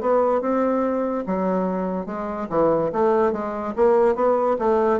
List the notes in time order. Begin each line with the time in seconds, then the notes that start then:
0.00 B3
0.41 C4
1.26 F#3
2.06 G#3
2.49 E3
2.92 A3
3.32 G#3
3.75 A#3
4.15 B3
4.58 A3